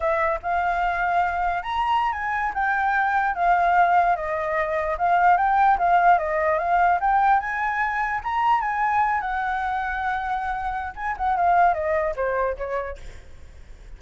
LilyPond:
\new Staff \with { instrumentName = "flute" } { \time 4/4 \tempo 4 = 148 e''4 f''2. | ais''4~ ais''16 gis''4 g''4.~ g''16~ | g''16 f''2 dis''4.~ dis''16~ | dis''16 f''4 g''4 f''4 dis''8.~ |
dis''16 f''4 g''4 gis''4.~ gis''16~ | gis''16 ais''4 gis''4. fis''4~ fis''16~ | fis''2. gis''8 fis''8 | f''4 dis''4 c''4 cis''4 | }